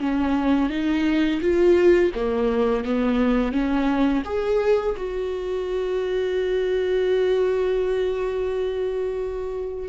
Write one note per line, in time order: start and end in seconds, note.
0.00 0.70 C#4
0.70 1.41 D#4
1.41 2.12 F4
2.15 2.85 A#3
2.85 3.52 B3
3.52 4.23 C#4
4.25 4.96 G#4
4.97 9.89 F#4